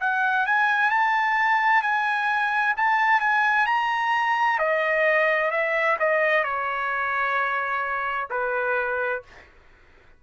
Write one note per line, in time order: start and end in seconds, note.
0.00 0.46 F#5
0.46 0.90 G#5
0.90 1.82 A5
1.82 2.74 G#5
2.77 3.20 A5
3.20 3.66 G#5
3.66 4.58 A#5
4.58 5.50 D#5
5.50 5.97 E5
5.99 6.44 D#5
6.44 8.28 C#5
8.30 9.22 B4